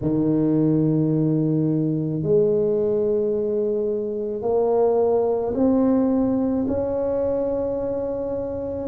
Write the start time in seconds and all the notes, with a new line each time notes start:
0.01 D#3
2.22 G#3
4.41 A#3
5.54 C4
6.67 C#4